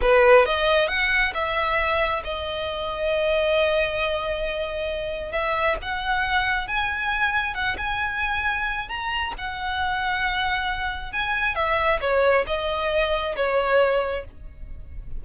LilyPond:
\new Staff \with { instrumentName = "violin" } { \time 4/4 \tempo 4 = 135 b'4 dis''4 fis''4 e''4~ | e''4 dis''2.~ | dis''1 | e''4 fis''2 gis''4~ |
gis''4 fis''8 gis''2~ gis''8 | ais''4 fis''2.~ | fis''4 gis''4 e''4 cis''4 | dis''2 cis''2 | }